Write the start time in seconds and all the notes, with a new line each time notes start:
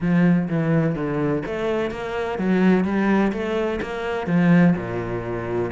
0.00 F3
0.48 E3
0.95 D3
1.46 A3
1.90 A#3
2.38 F#3
2.84 G3
3.32 A3
3.81 A#3
4.26 F3
4.76 A#2